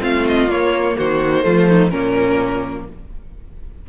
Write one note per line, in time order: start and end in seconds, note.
0.00 0.48 A3
0.00 0.48 C4
0.00 0.95 F4
0.00 0.27 F5
0.27 0.49 D#5
0.48 0.96 A#3
0.48 1.42 A#3
0.48 0.97 C#5
0.97 1.45 D#3
0.97 1.45 F#4
0.97 1.90 C5
1.42 1.92 F3
1.42 1.90 A3
1.42 1.68 F4
1.68 1.91 D#4
1.90 2.87 A#2
1.90 2.88 A#3
1.90 2.86 C#4
1.90 2.85 A#4